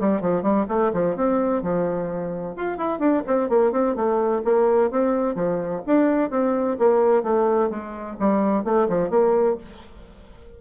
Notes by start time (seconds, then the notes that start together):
0.00 G3
0.21 F3
0.42 G3
0.68 A3
0.93 F3
1.16 C4
1.62 F3
2.56 F4
2.78 E4
2.99 D4
3.27 C4
3.49 A#3
3.72 C4
3.96 A3
4.44 A#3
4.91 C4
5.35 F3
5.86 D4
6.30 C4
6.79 A#3
7.23 A3
7.70 G#3
8.19 G3
8.64 A3
8.89 F3
9.10 A#3